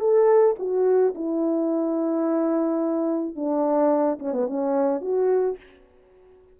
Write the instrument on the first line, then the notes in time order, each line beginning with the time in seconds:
horn
0.00 A4
0.59 F#4
1.15 E4
3.36 D4
4.19 C#4
4.33 B3
4.47 C#4
5.02 F#4